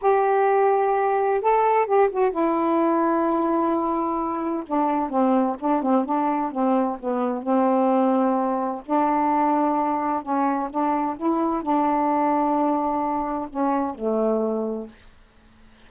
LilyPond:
\new Staff \with { instrumentName = "saxophone" } { \time 4/4 \tempo 4 = 129 g'2. a'4 | g'8 fis'8 e'2.~ | e'2 d'4 c'4 | d'8 c'8 d'4 c'4 b4 |
c'2. d'4~ | d'2 cis'4 d'4 | e'4 d'2.~ | d'4 cis'4 a2 | }